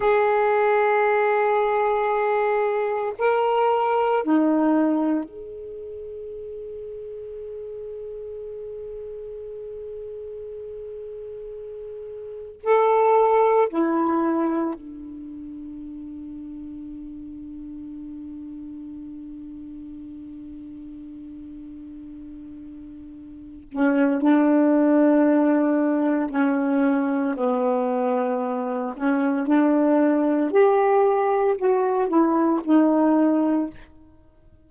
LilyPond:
\new Staff \with { instrumentName = "saxophone" } { \time 4/4 \tempo 4 = 57 gis'2. ais'4 | dis'4 gis'2.~ | gis'1 | a'4 e'4 d'2~ |
d'1~ | d'2~ d'8 cis'8 d'4~ | d'4 cis'4 b4. cis'8 | d'4 g'4 fis'8 e'8 dis'4 | }